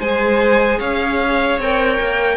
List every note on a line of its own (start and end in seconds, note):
0.00 0.80 G#3
0.00 1.62 G#4
0.00 0.79 C5
0.00 0.80 G#5
0.79 1.59 C#4
0.79 2.37 C#5
0.79 1.60 F5
1.59 1.99 C4
1.59 2.37 A#4
1.59 2.37 G5
2.00 2.37 A#3